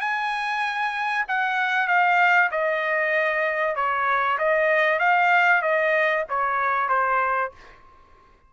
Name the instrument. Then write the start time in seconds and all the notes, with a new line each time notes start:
trumpet
0.00 G#5
1.28 F#5
1.87 F5
2.51 D#5
3.75 C#5
4.38 D#5
4.99 F5
5.62 D#5
6.29 C#5
6.89 C5